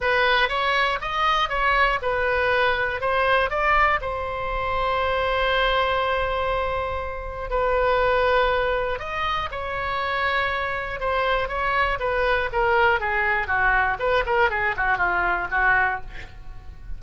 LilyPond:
\new Staff \with { instrumentName = "oboe" } { \time 4/4 \tempo 4 = 120 b'4 cis''4 dis''4 cis''4 | b'2 c''4 d''4 | c''1~ | c''2. b'4~ |
b'2 dis''4 cis''4~ | cis''2 c''4 cis''4 | b'4 ais'4 gis'4 fis'4 | b'8 ais'8 gis'8 fis'8 f'4 fis'4 | }